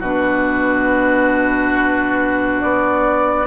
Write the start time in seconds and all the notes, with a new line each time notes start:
0.00 B2 D4 F#4 B4
2.61 B3 D5